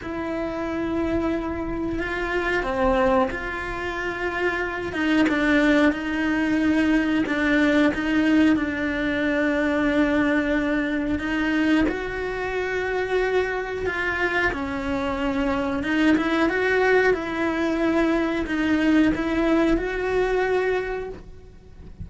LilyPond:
\new Staff \with { instrumentName = "cello" } { \time 4/4 \tempo 4 = 91 e'2. f'4 | c'4 f'2~ f'8 dis'8 | d'4 dis'2 d'4 | dis'4 d'2.~ |
d'4 dis'4 fis'2~ | fis'4 f'4 cis'2 | dis'8 e'8 fis'4 e'2 | dis'4 e'4 fis'2 | }